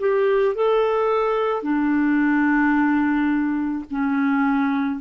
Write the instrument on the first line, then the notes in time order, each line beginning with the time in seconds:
clarinet
0.00 G4
0.55 A4
1.63 D4
3.91 C#4